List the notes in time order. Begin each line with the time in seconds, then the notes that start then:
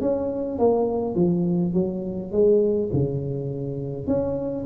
0.00 C#4
0.58 A#3
1.15 F3
1.73 F#3
2.31 G#3
2.93 C#3
4.06 C#4